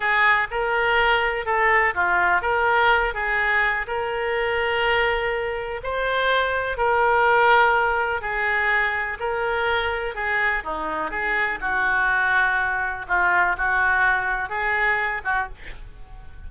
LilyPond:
\new Staff \with { instrumentName = "oboe" } { \time 4/4 \tempo 4 = 124 gis'4 ais'2 a'4 | f'4 ais'4. gis'4. | ais'1 | c''2 ais'2~ |
ais'4 gis'2 ais'4~ | ais'4 gis'4 dis'4 gis'4 | fis'2. f'4 | fis'2 gis'4. fis'8 | }